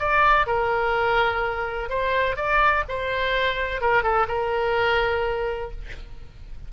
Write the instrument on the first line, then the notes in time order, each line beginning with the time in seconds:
oboe
0.00 D5
0.47 A#4
1.90 C5
2.37 D5
2.89 C5
3.81 A#4
4.03 A4
4.28 A#4